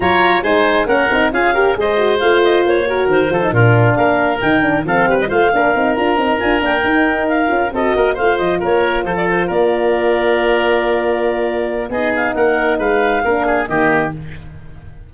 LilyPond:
<<
  \new Staff \with { instrumentName = "clarinet" } { \time 4/4 \tempo 4 = 136 ais''4 gis''4 fis''4 f''4 | dis''4 f''8 dis''8 cis''4 c''4 | ais'4 f''4 g''4 f''8. dis''16 | f''4. ais''4 gis''8 g''4~ |
g''8 f''4 dis''4 f''8 dis''8 cis''8~ | cis''8 c''16 d''16 c''8 d''2~ d''8~ | d''2. dis''8 f''8 | fis''4 f''2 dis''4 | }
  \new Staff \with { instrumentName = "oboe" } { \time 4/4 cis''4 c''4 ais'4 gis'8 ais'8 | c''2~ c''8 ais'4 a'8 | f'4 ais'2 a'8 b'8 | c''8 ais'2.~ ais'8~ |
ais'4. a'8 ais'8 c''4 ais'8~ | ais'8 a'4 ais'2~ ais'8~ | ais'2. gis'4 | ais'4 b'4 ais'8 gis'8 g'4 | }
  \new Staff \with { instrumentName = "horn" } { \time 4/4 f'4 dis'4 cis'8 dis'8 f'8 g'8 | gis'8 fis'8 f'4. fis'4 f'16 dis'16 | d'2 dis'8 d'8 c'4 | f'8 d'8 dis'8 f'8 dis'8 f'8 d'8 dis'8~ |
dis'4 f'8 fis'4 f'4.~ | f'1~ | f'2. dis'4~ | dis'2 d'4 ais4 | }
  \new Staff \with { instrumentName = "tuba" } { \time 4/4 fis4 gis4 ais8 c'8 cis'4 | gis4 a4 ais4 dis8 f8 | ais,4 ais4 dis4 f8 g8 | a8 ais8 c'8 d'8 c'8 d'8 ais8 dis'8~ |
dis'4 cis'8 c'8 ais8 a8 f8 ais8~ | ais8 f4 ais2~ ais8~ | ais2. b4 | ais4 gis4 ais4 dis4 | }
>>